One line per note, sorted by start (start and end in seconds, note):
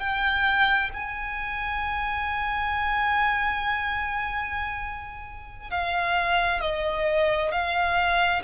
0.00 0.91 G5
0.94 5.71 G#5
5.71 6.61 F5
6.61 7.52 D#5
7.52 8.43 F5